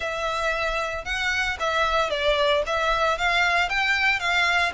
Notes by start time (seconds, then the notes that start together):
0.00 E5
1.04 F#5
1.59 E5
2.10 D5
2.66 E5
3.17 F5
3.69 G5
4.19 F5